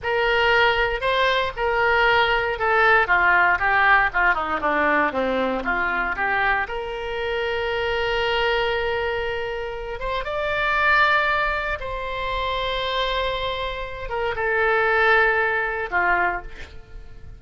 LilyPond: \new Staff \with { instrumentName = "oboe" } { \time 4/4 \tempo 4 = 117 ais'2 c''4 ais'4~ | ais'4 a'4 f'4 g'4 | f'8 dis'8 d'4 c'4 f'4 | g'4 ais'2.~ |
ais'2.~ ais'8 c''8 | d''2. c''4~ | c''2.~ c''8 ais'8 | a'2. f'4 | }